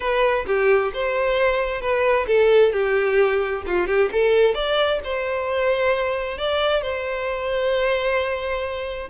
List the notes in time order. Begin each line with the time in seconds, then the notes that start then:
0.00 B4
0.46 G4
0.93 C5
1.81 B4
2.27 A4
2.72 G4
3.66 F4
3.87 G4
4.12 A4
4.54 D5
5.04 C5
6.38 D5
6.82 C5